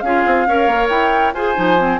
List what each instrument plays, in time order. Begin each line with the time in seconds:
0.00 bassoon C#4, clarinet F4, oboe G#4, flute F5
0.26 bassoon C4
0.46 bassoon C#4, clarinet A#4, oboe C#5
0.67 bassoon A#3
0.88 bassoon E4, flute G5
1.33 bassoon F4, clarinet G#4, oboe C5, flute G#5
1.54 bassoon F3, clarinet D#4
1.78 clarinet C4